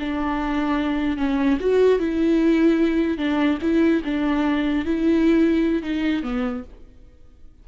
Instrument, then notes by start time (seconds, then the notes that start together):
viola
0.00 D4
1.18 C#4
1.61 F#4
2.00 E4
3.18 D4
3.62 E4
4.05 D4
4.86 E4
5.83 D#4
6.23 B3